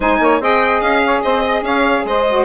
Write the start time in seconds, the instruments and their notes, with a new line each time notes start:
0.00 bassoon G#3, saxophone D#4 C5, violin G#5
0.19 bassoon A#3, saxophone C#5
0.40 bassoon C4, saxophone G#4 D#5, violin G5
0.80 bassoon C#4, violin F5
1.05 saxophone C#5
1.22 bassoon C4, saxophone C5, violin D#5
1.46 saxophone D#5
1.62 bassoon C#4, saxophone C#5, violin F5
2.04 bassoon G#3, saxophone C5, violin D#5
2.28 saxophone F#4